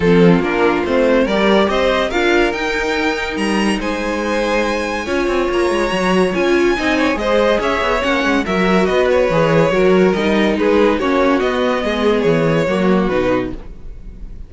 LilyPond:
<<
  \new Staff \with { instrumentName = "violin" } { \time 4/4 \tempo 4 = 142 a'4 ais'4 c''4 d''4 | dis''4 f''4 g''2 | ais''4 gis''2.~ | gis''4 ais''2 gis''4~ |
gis''4 dis''4 e''4 fis''4 | e''4 dis''8 cis''2~ cis''8 | dis''4 b'4 cis''4 dis''4~ | dis''4 cis''2 b'4 | }
  \new Staff \with { instrumentName = "violin" } { \time 4/4 f'2. ais'4 | c''4 ais'2.~ | ais'4 c''2. | cis''1 |
dis''8 cis''8 c''4 cis''2 | ais'4 b'2 ais'4~ | ais'4 gis'4 fis'2 | gis'2 fis'2 | }
  \new Staff \with { instrumentName = "viola" } { \time 4/4 c'4 d'4 c'4 g'4~ | g'4 f'4 dis'2~ | dis'1 | f'2 fis'4 f'4 |
dis'4 gis'2 cis'4 | fis'2 gis'4 fis'4 | dis'2 cis'4 b4~ | b2 ais4 dis'4 | }
  \new Staff \with { instrumentName = "cello" } { \time 4/4 f4 ais4 a4 g4 | c'4 d'4 dis'2 | g4 gis2. | cis'8 c'8 ais8 gis8 fis4 cis'4 |
c'4 gis4 cis'8 b8 ais8 gis8 | fis4 b4 e4 fis4 | g4 gis4 ais4 b4 | gis4 e4 fis4 b,4 | }
>>